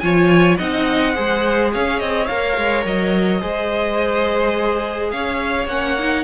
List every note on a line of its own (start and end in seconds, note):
0.00 0.59 F3
0.00 0.59 F4
0.00 0.58 C#5
0.00 0.57 G#5
0.58 1.18 C4
0.58 1.15 D#4
0.58 1.15 D#5
0.58 1.72 F#5
1.15 1.75 G#3
1.15 2.28 G#4
1.15 1.72 C5
1.73 2.01 C#4
1.73 3.42 C#5
1.73 2.00 F5
2.00 2.29 C4
2.00 2.27 D#5
2.27 2.58 A#3
2.27 3.41 A#4
2.27 2.84 F5
2.58 2.86 G#3
2.86 3.42 F#3
2.86 5.11 D#5
3.41 5.13 G#3
3.41 5.68 G#4
3.41 5.11 C5
5.11 5.67 C#4
5.11 6.24 C#5
5.11 5.68 F5
5.67 6.24 A#3
5.67 5.98 C#4
5.67 6.24 F#5
5.99 6.24 D#4